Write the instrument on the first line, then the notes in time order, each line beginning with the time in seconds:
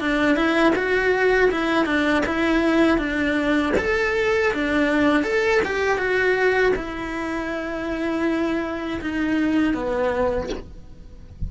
cello
0.00 D4
0.36 E4
0.75 F#4
1.51 E4
1.86 D4
2.26 E4
2.98 D4
3.77 A4
4.53 D4
5.24 A4
5.65 G4
5.98 F#4
6.76 E4
9.01 D#4
9.74 B3